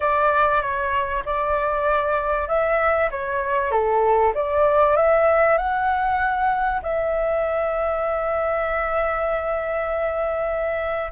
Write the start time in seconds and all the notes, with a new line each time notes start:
0.00 D5
0.61 C#5
1.25 D5
2.47 E5
3.10 C#5
3.71 A4
4.34 D5
4.96 E5
5.57 F#5
6.82 E5